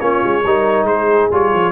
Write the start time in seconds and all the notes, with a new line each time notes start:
0.00 A#3 C#4 F4 C#5
0.24 G#3
0.44 G3 D#4 A#4
0.83 G#3 G#4 C5
1.31 G3 F4 C#5
1.54 F3